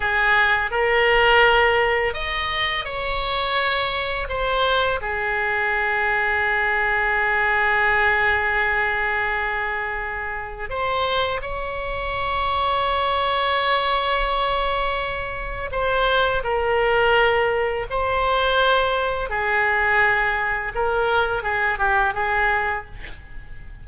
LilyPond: \new Staff \with { instrumentName = "oboe" } { \time 4/4 \tempo 4 = 84 gis'4 ais'2 dis''4 | cis''2 c''4 gis'4~ | gis'1~ | gis'2. c''4 |
cis''1~ | cis''2 c''4 ais'4~ | ais'4 c''2 gis'4~ | gis'4 ais'4 gis'8 g'8 gis'4 | }